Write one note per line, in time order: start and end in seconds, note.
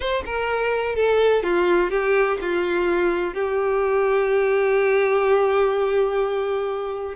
0.00 0.23 C5
0.25 0.95 A#4
0.95 1.43 A4
1.43 1.90 F4
1.90 2.38 G4
2.41 3.34 F4
3.34 7.15 G4